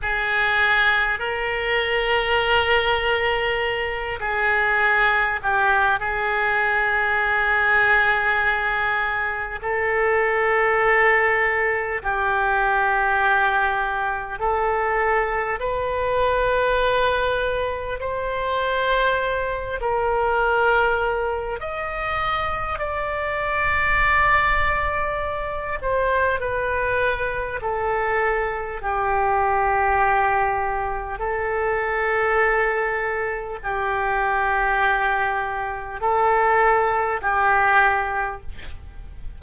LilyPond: \new Staff \with { instrumentName = "oboe" } { \time 4/4 \tempo 4 = 50 gis'4 ais'2~ ais'8 gis'8~ | gis'8 g'8 gis'2. | a'2 g'2 | a'4 b'2 c''4~ |
c''8 ais'4. dis''4 d''4~ | d''4. c''8 b'4 a'4 | g'2 a'2 | g'2 a'4 g'4 | }